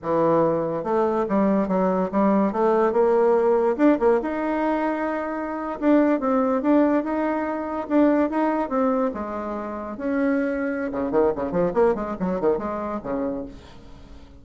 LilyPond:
\new Staff \with { instrumentName = "bassoon" } { \time 4/4 \tempo 4 = 143 e2 a4 g4 | fis4 g4 a4 ais4~ | ais4 d'8 ais8 dis'2~ | dis'4.~ dis'16 d'4 c'4 d'16~ |
d'8. dis'2 d'4 dis'16~ | dis'8. c'4 gis2 cis'16~ | cis'2 cis8 dis8 cis8 f8 | ais8 gis8 fis8 dis8 gis4 cis4 | }